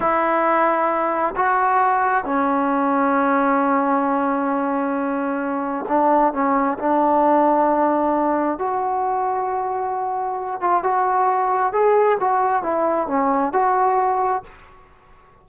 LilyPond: \new Staff \with { instrumentName = "trombone" } { \time 4/4 \tempo 4 = 133 e'2. fis'4~ | fis'4 cis'2.~ | cis'1~ | cis'4 d'4 cis'4 d'4~ |
d'2. fis'4~ | fis'2.~ fis'8 f'8 | fis'2 gis'4 fis'4 | e'4 cis'4 fis'2 | }